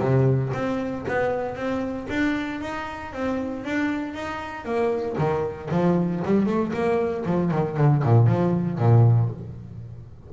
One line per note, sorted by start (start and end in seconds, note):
0.00 0.52 C3
0.54 1.05 C4
1.08 1.56 B3
1.56 2.08 C4
2.10 2.61 D4
2.61 3.13 D#4
3.13 3.65 C4
3.65 4.14 D4
4.14 4.65 D#4
4.65 5.17 A#3
5.18 5.70 D#3
5.71 6.23 F3
6.25 6.46 G3
6.46 6.72 A3
6.73 7.25 A#3
7.26 7.51 F3
7.51 7.77 D#3
7.77 8.03 D3
8.04 8.27 A#2
8.27 8.79 F3
8.79 9.30 A#2